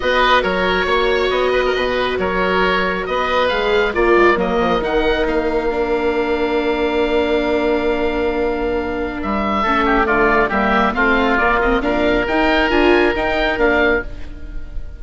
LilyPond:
<<
  \new Staff \with { instrumentName = "oboe" } { \time 4/4 \tempo 4 = 137 dis''4 cis''2 dis''4~ | dis''4 cis''2 dis''4 | f''4 d''4 dis''4 fis''4 | f''1~ |
f''1~ | f''4 e''2 d''4 | e''4 f''4 d''8 dis''8 f''4 | g''4 gis''4 g''4 f''4 | }
  \new Staff \with { instrumentName = "oboe" } { \time 4/4 b'4 ais'4 cis''4. b'16 ais'16 | b'4 ais'2 b'4~ | b'4 ais'2.~ | ais'1~ |
ais'1~ | ais'2 a'8 g'8 f'4 | g'4 f'2 ais'4~ | ais'1 | }
  \new Staff \with { instrumentName = "viola" } { \time 4/4 fis'1~ | fis'1 | gis'4 f'4 ais4 dis'4~ | dis'4 d'2.~ |
d'1~ | d'2 cis'4 a4 | ais4 c'4 ais8 c'8 d'4 | dis'4 f'4 dis'4 d'4 | }
  \new Staff \with { instrumentName = "bassoon" } { \time 4/4 b4 fis4 ais4 b4 | b,4 fis2 b4 | gis4 ais8 gis8 fis8 f8 dis4 | ais1~ |
ais1~ | ais4 g4 a4 d4 | g4 a4 ais4 ais,4 | dis'4 d'4 dis'4 ais4 | }
>>